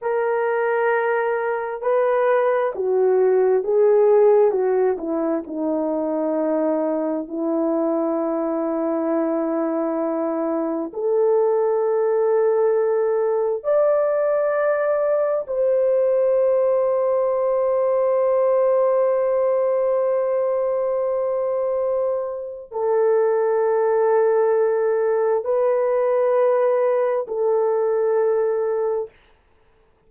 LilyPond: \new Staff \with { instrumentName = "horn" } { \time 4/4 \tempo 4 = 66 ais'2 b'4 fis'4 | gis'4 fis'8 e'8 dis'2 | e'1 | a'2. d''4~ |
d''4 c''2.~ | c''1~ | c''4 a'2. | b'2 a'2 | }